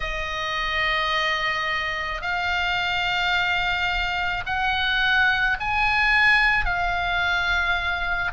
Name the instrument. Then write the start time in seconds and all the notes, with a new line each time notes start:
oboe
0.00 D#5
2.21 F5
4.45 F#5
5.60 G#5
6.65 F5